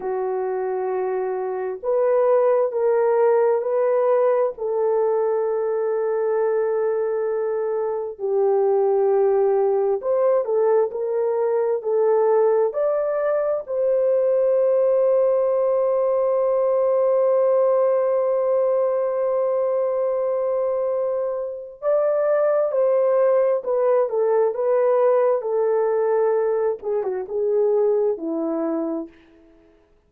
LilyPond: \new Staff \with { instrumentName = "horn" } { \time 4/4 \tempo 4 = 66 fis'2 b'4 ais'4 | b'4 a'2.~ | a'4 g'2 c''8 a'8 | ais'4 a'4 d''4 c''4~ |
c''1~ | c''1 | d''4 c''4 b'8 a'8 b'4 | a'4. gis'16 fis'16 gis'4 e'4 | }